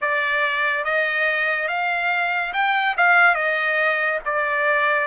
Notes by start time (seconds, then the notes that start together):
0.01 D5
0.84 D#5
1.68 F5
2.53 G5
2.97 F5
3.35 D#5
4.25 D5